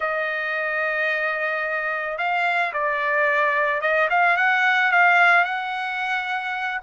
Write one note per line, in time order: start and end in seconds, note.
0.00 2.18 D#5
2.18 2.72 F5
2.73 3.81 D5
3.81 4.08 D#5
4.10 4.37 F5
4.37 4.91 F#5
4.91 5.44 F5
5.44 6.81 F#5